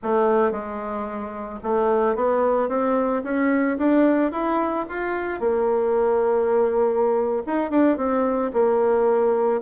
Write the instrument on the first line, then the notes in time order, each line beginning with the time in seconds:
bassoon
0.02 A3
0.51 G#3
1.63 A3
2.15 B3
2.69 C4
3.23 C#4
3.78 D4
4.31 E4
4.88 F4
5.40 A#3
7.46 D#4
7.70 D4
7.97 C4
8.53 A#3